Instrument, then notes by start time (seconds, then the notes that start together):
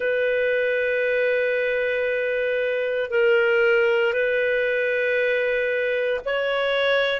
clarinet
0.00 B4
3.10 A#4
4.13 B4
6.25 C#5